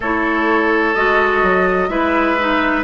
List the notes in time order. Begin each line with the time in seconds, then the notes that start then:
0.00 A3 E4 A4 C#5
0.94 G#3 F#4 D#5
1.42 F#3
1.88 G#3 E4 B4 E5
2.39 D#4